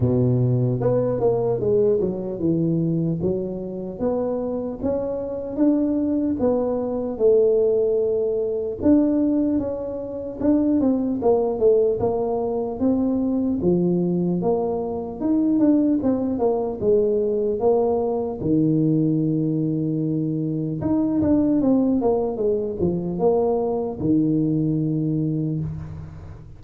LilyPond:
\new Staff \with { instrumentName = "tuba" } { \time 4/4 \tempo 4 = 75 b,4 b8 ais8 gis8 fis8 e4 | fis4 b4 cis'4 d'4 | b4 a2 d'4 | cis'4 d'8 c'8 ais8 a8 ais4 |
c'4 f4 ais4 dis'8 d'8 | c'8 ais8 gis4 ais4 dis4~ | dis2 dis'8 d'8 c'8 ais8 | gis8 f8 ais4 dis2 | }